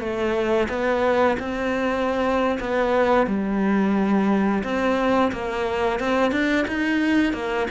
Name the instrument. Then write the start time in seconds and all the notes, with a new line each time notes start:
cello
0.00 A3
0.69 B3
1.39 C4
2.60 B3
3.27 G3
4.64 C4
5.32 A#3
6.00 C4
6.32 D4
6.68 D#4
7.34 A#3